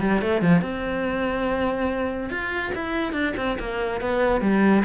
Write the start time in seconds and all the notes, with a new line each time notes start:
0.00 G3
0.21 A3
0.41 F3
0.61 C4
2.30 F4
2.74 E4
3.12 D4
3.36 C4
3.59 A#3
4.00 B3
4.41 G3